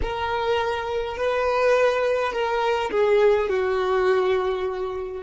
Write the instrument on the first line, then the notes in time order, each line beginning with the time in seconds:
violin
0.02 A#4
1.17 B4
2.32 A#4
2.90 G#4
3.49 F#4